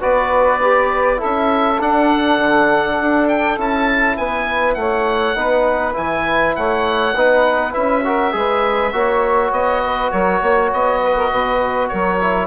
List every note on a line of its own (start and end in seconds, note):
0.00 1.23 B3
0.00 0.61 F#4
0.00 1.19 B4
0.00 1.21 D5
0.62 1.17 G4
1.17 1.77 E4
1.17 4.16 A4
1.17 1.82 E5
1.24 1.80 C#4
1.80 2.39 D4
1.80 3.57 D4
1.80 3.29 F#5
2.39 2.98 D3
3.01 3.58 D4
3.29 3.58 G5
3.57 4.18 C#4
3.57 5.35 E4
3.57 4.17 A5
4.17 4.76 B3
4.17 4.78 B4
4.17 4.75 G#5
4.75 5.36 A3
4.75 5.36 C#5
4.75 5.93 F#5
5.35 5.95 B3
5.35 5.94 D#4
5.35 6.55 B4
5.94 6.57 E3
5.94 7.13 E4
5.94 6.56 G#5
6.56 7.15 A3
6.56 7.16 C#5
6.56 7.74 F#5
7.15 7.75 B3
7.15 7.72 D#4
7.15 8.05 B4
7.72 8.34 C#4
7.72 8.01 E4
7.72 9.52 E5
8.05 8.32 F#4
8.05 8.34 A#4
8.32 8.93 G#3
8.32 8.91 G#4
8.32 8.94 B4
8.93 9.52 A#3
8.93 12.20 F#4
8.93 9.83 C#5
9.52 10.11 B3
9.52 10.11 D#5
9.85 10.11 B4
10.11 10.42 F#3
10.11 10.41 A#4
10.11 10.71 C#5
10.41 10.72 A#3
10.41 11.00 C#5
10.73 11.32 B3
10.73 11.88 D#5
11.03 11.16 B4
11.16 11.31 A#4
11.31 11.92 B2
11.31 11.91 B4
11.88 12.47 F#3
11.88 12.47 A#4
11.88 12.47 C#5
12.21 12.47 E4